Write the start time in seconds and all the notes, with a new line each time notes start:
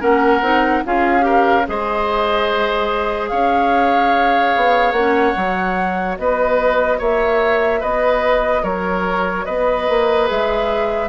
0.00 A#3 C#4 A#4 F#5
0.41 C4 D#4
0.85 C#4 F4 G#4 F5
1.20 G4 A#4
1.67 G#3 G#4 C5 D#5
3.28 C#4 C#5 F5
4.56 B3
4.92 A#3 C#4 F#5
5.36 F#3 F#4
6.18 B3 B4 D#5
6.98 A#3 C#5 E5
7.80 B3 B4 D#5
8.63 F#3 A#4 C#5
9.45 B3 B4 D#5
9.89 A#3
10.25 G#3 G#4 E5